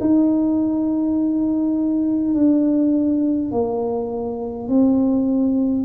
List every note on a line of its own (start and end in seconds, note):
0.00 2.34 D#4
2.34 3.51 D4
3.51 4.68 A#3
4.68 5.84 C4